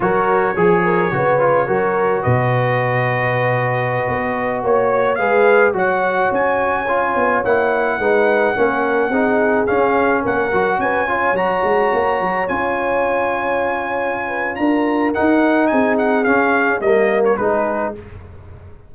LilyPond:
<<
  \new Staff \with { instrumentName = "trumpet" } { \time 4/4 \tempo 4 = 107 cis''1 | dis''1~ | dis''16 cis''4 f''4 fis''4 gis''8.~ | gis''4~ gis''16 fis''2~ fis''8.~ |
fis''4~ fis''16 f''4 fis''4 gis''8.~ | gis''16 ais''2 gis''4.~ gis''16~ | gis''2 ais''4 fis''4 | gis''8 fis''8 f''4 dis''8. cis''16 b'4 | }
  \new Staff \with { instrumentName = "horn" } { \time 4/4 ais'4 gis'8 ais'8 b'4 ais'4 | b'1~ | b'16 cis''4 b'4 cis''4.~ cis''16~ | cis''2~ cis''16 b'4 ais'8.~ |
ais'16 gis'2 ais'4 b'8 cis''16~ | cis''1~ | cis''4. b'8 ais'2 | gis'2 ais'4 gis'4 | }
  \new Staff \with { instrumentName = "trombone" } { \time 4/4 fis'4 gis'4 fis'8 f'8 fis'4~ | fis'1~ | fis'4~ fis'16 gis'4 fis'4.~ fis'16~ | fis'16 f'4 e'4 dis'4 cis'8.~ |
cis'16 dis'4 cis'4. fis'4 f'16~ | f'16 fis'2 f'4.~ f'16~ | f'2. dis'4~ | dis'4 cis'4 ais4 dis'4 | }
  \new Staff \with { instrumentName = "tuba" } { \time 4/4 fis4 f4 cis4 fis4 | b,2.~ b,16 b8.~ | b16 ais4 gis4 fis4 cis'8.~ | cis'8. b8 ais4 gis4 ais8.~ |
ais16 c'4 cis'4 ais8 fis8 cis'8.~ | cis'16 fis8 gis8 ais8 fis8 cis'4.~ cis'16~ | cis'2 d'4 dis'4 | c'4 cis'4 g4 gis4 | }
>>